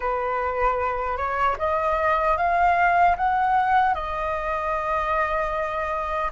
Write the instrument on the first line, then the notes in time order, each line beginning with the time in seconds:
flute
0.00 B4
1.17 C#5
1.58 D#5
2.37 F5
3.16 F#5
3.94 D#5